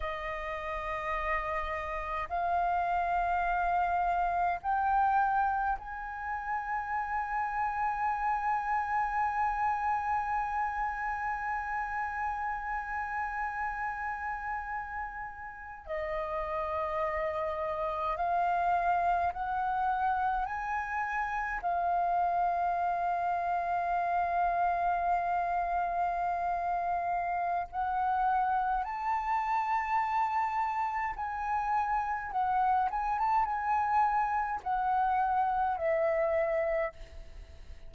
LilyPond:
\new Staff \with { instrumentName = "flute" } { \time 4/4 \tempo 4 = 52 dis''2 f''2 | g''4 gis''2.~ | gis''1~ | gis''4.~ gis''16 dis''2 f''16~ |
f''8. fis''4 gis''4 f''4~ f''16~ | f''1 | fis''4 a''2 gis''4 | fis''8 gis''16 a''16 gis''4 fis''4 e''4 | }